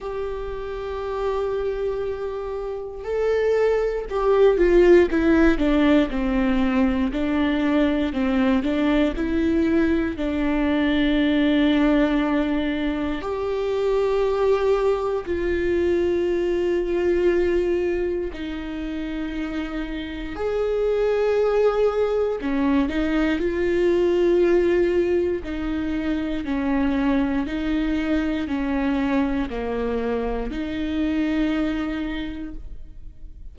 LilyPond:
\new Staff \with { instrumentName = "viola" } { \time 4/4 \tempo 4 = 59 g'2. a'4 | g'8 f'8 e'8 d'8 c'4 d'4 | c'8 d'8 e'4 d'2~ | d'4 g'2 f'4~ |
f'2 dis'2 | gis'2 cis'8 dis'8 f'4~ | f'4 dis'4 cis'4 dis'4 | cis'4 ais4 dis'2 | }